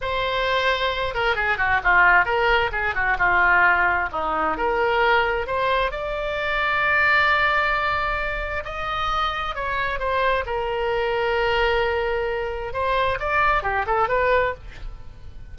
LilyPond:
\new Staff \with { instrumentName = "oboe" } { \time 4/4 \tempo 4 = 132 c''2~ c''8 ais'8 gis'8 fis'8 | f'4 ais'4 gis'8 fis'8 f'4~ | f'4 dis'4 ais'2 | c''4 d''2.~ |
d''2. dis''4~ | dis''4 cis''4 c''4 ais'4~ | ais'1 | c''4 d''4 g'8 a'8 b'4 | }